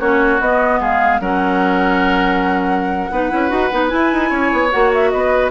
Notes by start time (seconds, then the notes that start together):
0.00 A#3 C#4 F#4 C#5
0.40 B3 D#5
0.80 G#3 G#4 F5
1.21 F#3 C#4 A#4 F#5
3.11 B3 D#4 B4
3.30 C#4 E4
3.49 D#4 F#4
3.72 B3 D#4
3.89 E4 G#5
4.13 D#4
4.30 C#4 C#5
4.53 B3
4.72 A#3 F#4 F#5
4.94 E5
5.10 B3 B4 D#5